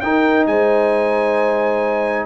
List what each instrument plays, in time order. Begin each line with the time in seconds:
0.00 tuba D#4, trombone D#4, horn A#4, trumpet G5
0.46 tuba G#3, horn C5, trumpet G#5